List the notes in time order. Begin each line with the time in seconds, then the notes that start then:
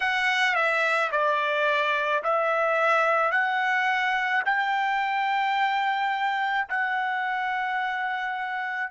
0.00 F#5
0.55 E5
1.11 D5
2.23 E5
3.31 F#5
4.45 G5
6.69 F#5